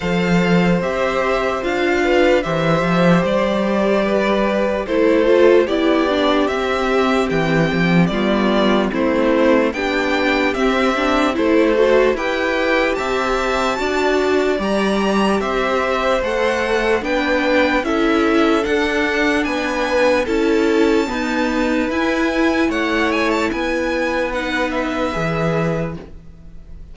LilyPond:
<<
  \new Staff \with { instrumentName = "violin" } { \time 4/4 \tempo 4 = 74 f''4 e''4 f''4 e''4 | d''2 c''4 d''4 | e''4 g''4 d''4 c''4 | g''4 e''4 c''4 g''4 |
a''2 ais''4 e''4 | fis''4 g''4 e''4 fis''4 | gis''4 a''2 gis''4 | fis''8 gis''16 a''16 gis''4 fis''8 e''4. | }
  \new Staff \with { instrumentName = "violin" } { \time 4/4 c''2~ c''8 b'8 c''4~ | c''4 b'4 a'4 g'4~ | g'2 f'4 e'4 | g'2 a'4 b'4 |
e''4 d''2 c''4~ | c''4 b'4 a'2 | b'4 a'4 b'2 | cis''4 b'2. | }
  \new Staff \with { instrumentName = "viola" } { \time 4/4 a'4 g'4 f'4 g'4~ | g'2 e'8 f'8 e'8 d'8 | c'2 b4 c'4 | d'4 c'8 d'8 e'8 fis'8 g'4~ |
g'4 fis'4 g'2 | a'4 d'4 e'4 d'4~ | d'4 e'4 b4 e'4~ | e'2 dis'4 gis'4 | }
  \new Staff \with { instrumentName = "cello" } { \time 4/4 f4 c'4 d'4 e8 f8 | g2 a4 b4 | c'4 e8 f8 g4 a4 | b4 c'4 a4 e'4 |
c'4 d'4 g4 c'4 | a4 b4 cis'4 d'4 | b4 cis'4 dis'4 e'4 | a4 b2 e4 | }
>>